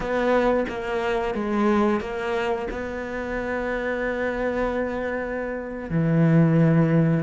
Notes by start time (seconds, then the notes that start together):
0.00 B3
0.68 A#3
1.34 G#3
2.00 A#3
2.70 B3
5.90 E3